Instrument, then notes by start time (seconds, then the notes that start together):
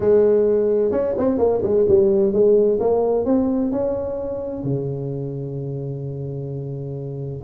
tuba
0.00 G#3
0.91 C#4
1.17 C4
1.37 A#3
1.62 G#3
1.88 G3
2.32 G#3
2.79 A#3
3.25 C4
3.71 C#4
4.63 C#3